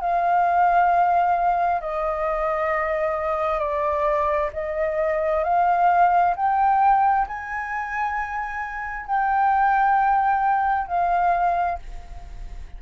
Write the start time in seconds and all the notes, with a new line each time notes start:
0.00 F5
1.81 D#5
3.59 D5
4.53 D#5
5.43 F5
6.36 G5
7.27 G#5
9.06 G5
10.87 F5